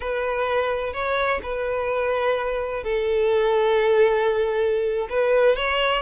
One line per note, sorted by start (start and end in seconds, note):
0.00 0.93 B4
0.93 1.40 C#5
1.42 2.83 B4
2.83 5.08 A4
5.09 5.55 B4
5.55 6.02 C#5